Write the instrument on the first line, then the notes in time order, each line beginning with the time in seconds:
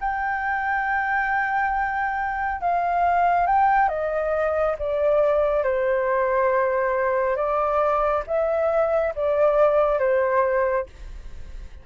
flute
0.00 G5
2.60 F5
3.47 G5
3.89 D#5
4.78 D5
5.63 C5
7.36 D5
8.27 E5
9.15 D5
9.99 C5